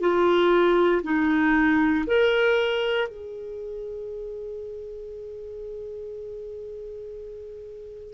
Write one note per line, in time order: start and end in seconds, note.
0.00 1.02 F4
1.03 2.04 D#4
2.06 3.08 A#4
3.08 8.13 G#4